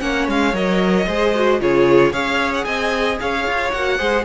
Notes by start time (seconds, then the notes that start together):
0.00 A#3 C#4 C#5 F#5
0.28 G#3 F5
0.53 F#3 A#4 D#5
1.07 G#3 G#4 C5
1.35 F#4
1.60 C#3 F4 G#4 C#5
2.12 C#4 G#4 C#5 F5
2.54 F#5
2.65 C4 D#5 G#5
3.20 C#4 C#5 F5
3.46 F4
3.72 A#3 F#4 F#5
3.98 G#3 G#4 C5